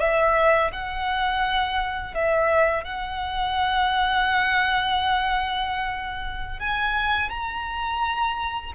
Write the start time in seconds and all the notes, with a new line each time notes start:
0.00 E5
0.72 F#5
2.15 E5
2.84 F#5
6.59 G#5
7.30 A#5